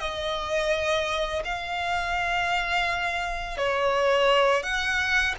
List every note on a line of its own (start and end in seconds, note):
0.00 1.43 D#5
1.45 3.57 F5
3.57 4.63 C#5
4.63 5.35 F#5